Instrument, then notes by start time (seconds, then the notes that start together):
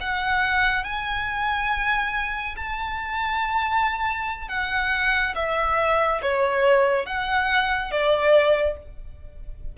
violin
0.00 F#5
0.84 G#5
2.56 A5
4.48 F#5
5.35 E5
6.22 C#5
7.06 F#5
7.91 D5